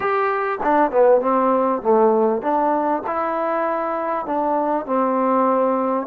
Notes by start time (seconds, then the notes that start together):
0.00 G4
0.63 D4
0.91 B3
1.21 C4
1.82 A3
2.42 D4
3.07 E4
4.26 D4
4.86 C4